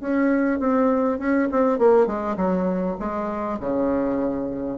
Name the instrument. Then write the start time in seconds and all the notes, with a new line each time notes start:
bassoon
0.00 C#4
0.59 C4
1.19 C#4
1.51 C4
1.78 A#3
2.06 G#3
2.36 F#3
2.99 G#3
3.60 C#3